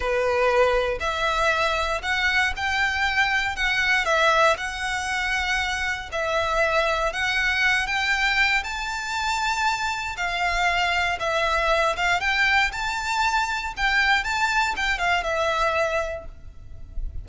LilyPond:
\new Staff \with { instrumentName = "violin" } { \time 4/4 \tempo 4 = 118 b'2 e''2 | fis''4 g''2 fis''4 | e''4 fis''2. | e''2 fis''4. g''8~ |
g''4 a''2. | f''2 e''4. f''8 | g''4 a''2 g''4 | a''4 g''8 f''8 e''2 | }